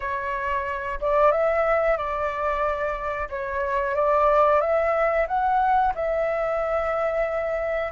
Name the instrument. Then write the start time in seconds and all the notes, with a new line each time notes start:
flute
0.00 C#5
1.00 D5
1.31 E5
1.97 D5
3.29 C#5
3.95 D5
4.61 E5
5.27 F#5
5.94 E5